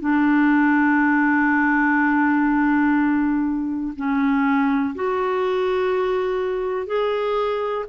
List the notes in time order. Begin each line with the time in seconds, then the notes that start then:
0.00 D4
3.96 C#4
4.95 F#4
6.86 G#4